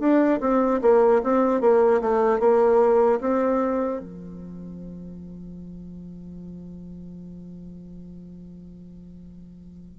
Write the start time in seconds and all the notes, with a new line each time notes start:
0.00 D4
0.41 C4
0.82 A#3
1.24 C4
1.61 A#3
2.01 A3
2.40 A#3
3.21 C4
4.01 F3